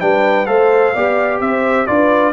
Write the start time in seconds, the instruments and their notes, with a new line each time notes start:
0.00 tuba G3, trombone D4, horn B4, trumpet G5
0.45 tuba A3, trombone A4, horn C5, trumpet F5
0.93 tuba B3, trombone G4, horn D5
1.40 tuba C4, horn C5, trumpet E5
1.86 tuba D4, trombone F4, horn B4, trumpet D5